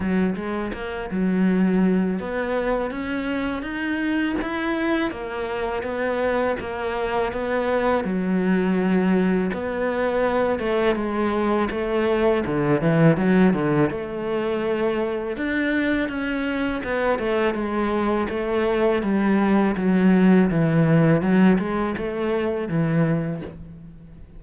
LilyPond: \new Staff \with { instrumentName = "cello" } { \time 4/4 \tempo 4 = 82 fis8 gis8 ais8 fis4. b4 | cis'4 dis'4 e'4 ais4 | b4 ais4 b4 fis4~ | fis4 b4. a8 gis4 |
a4 d8 e8 fis8 d8 a4~ | a4 d'4 cis'4 b8 a8 | gis4 a4 g4 fis4 | e4 fis8 gis8 a4 e4 | }